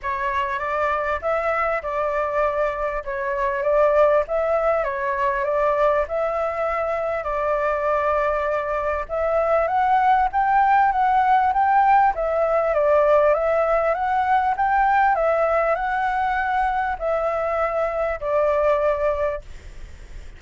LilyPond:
\new Staff \with { instrumentName = "flute" } { \time 4/4 \tempo 4 = 99 cis''4 d''4 e''4 d''4~ | d''4 cis''4 d''4 e''4 | cis''4 d''4 e''2 | d''2. e''4 |
fis''4 g''4 fis''4 g''4 | e''4 d''4 e''4 fis''4 | g''4 e''4 fis''2 | e''2 d''2 | }